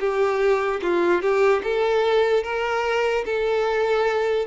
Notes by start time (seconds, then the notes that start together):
0.00 G4
0.82 F4
1.22 G4
1.64 A4
2.44 A#4
3.25 A4